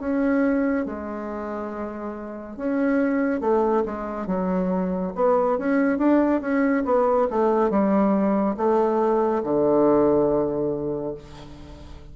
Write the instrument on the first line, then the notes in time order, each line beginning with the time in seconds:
bassoon
0.00 C#4
0.86 G#3
2.57 C#4
3.41 A3
3.85 G#3
4.27 F#3
5.15 B3
5.58 C#4
5.98 D4
6.41 C#4
6.85 B3
7.31 A3
7.70 G3
8.57 A3
9.43 D3